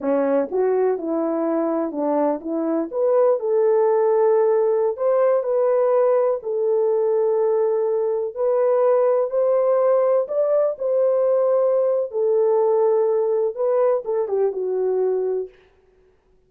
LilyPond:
\new Staff \with { instrumentName = "horn" } { \time 4/4 \tempo 4 = 124 cis'4 fis'4 e'2 | d'4 e'4 b'4 a'4~ | a'2~ a'16 c''4 b'8.~ | b'4~ b'16 a'2~ a'8.~ |
a'4~ a'16 b'2 c''8.~ | c''4~ c''16 d''4 c''4.~ c''16~ | c''4 a'2. | b'4 a'8 g'8 fis'2 | }